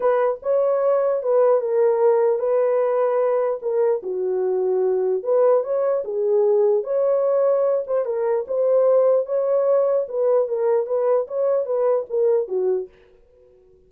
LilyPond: \new Staff \with { instrumentName = "horn" } { \time 4/4 \tempo 4 = 149 b'4 cis''2 b'4 | ais'2 b'2~ | b'4 ais'4 fis'2~ | fis'4 b'4 cis''4 gis'4~ |
gis'4 cis''2~ cis''8 c''8 | ais'4 c''2 cis''4~ | cis''4 b'4 ais'4 b'4 | cis''4 b'4 ais'4 fis'4 | }